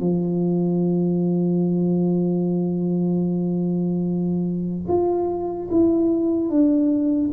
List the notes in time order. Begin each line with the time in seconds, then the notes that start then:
0.00 F3
4.88 F4
5.71 E4
6.50 D4